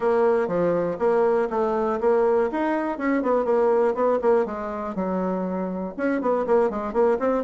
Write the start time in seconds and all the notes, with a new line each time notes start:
0.00 A#3
0.47 F3
0.98 A#3
1.49 A3
2.00 A#3
2.51 D#4
2.98 C#4
3.22 B3
3.45 A#3
3.94 B3
4.21 A#3
4.45 G#3
4.95 F#3
5.97 C#4
6.21 B3
6.46 A#3
6.70 G#3
6.93 A#3
7.19 C4